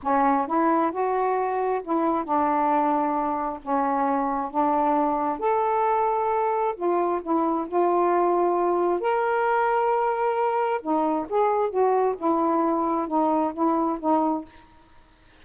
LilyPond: \new Staff \with { instrumentName = "saxophone" } { \time 4/4 \tempo 4 = 133 cis'4 e'4 fis'2 | e'4 d'2. | cis'2 d'2 | a'2. f'4 |
e'4 f'2. | ais'1 | dis'4 gis'4 fis'4 e'4~ | e'4 dis'4 e'4 dis'4 | }